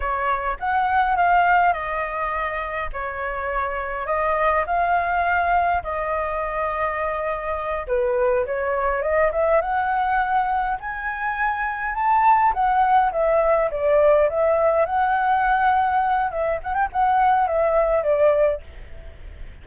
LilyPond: \new Staff \with { instrumentName = "flute" } { \time 4/4 \tempo 4 = 103 cis''4 fis''4 f''4 dis''4~ | dis''4 cis''2 dis''4 | f''2 dis''2~ | dis''4. b'4 cis''4 dis''8 |
e''8 fis''2 gis''4.~ | gis''8 a''4 fis''4 e''4 d''8~ | d''8 e''4 fis''2~ fis''8 | e''8 fis''16 g''16 fis''4 e''4 d''4 | }